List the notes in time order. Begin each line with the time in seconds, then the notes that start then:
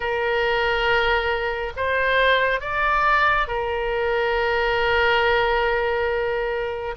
0.00 A#4
1.76 C5
2.60 D5
3.47 A#4